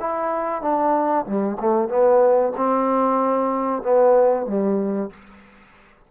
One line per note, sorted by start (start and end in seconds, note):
0.00 0.62 E4
0.62 1.26 D4
1.26 1.58 G3
1.60 1.89 A3
1.89 2.53 B3
2.57 3.83 C4
3.83 4.47 B3
4.47 5.10 G3